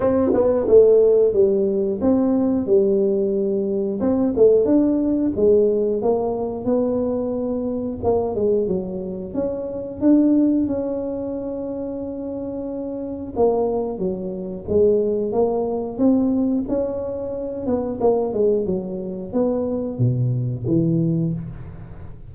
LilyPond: \new Staff \with { instrumentName = "tuba" } { \time 4/4 \tempo 4 = 90 c'8 b8 a4 g4 c'4 | g2 c'8 a8 d'4 | gis4 ais4 b2 | ais8 gis8 fis4 cis'4 d'4 |
cis'1 | ais4 fis4 gis4 ais4 | c'4 cis'4. b8 ais8 gis8 | fis4 b4 b,4 e4 | }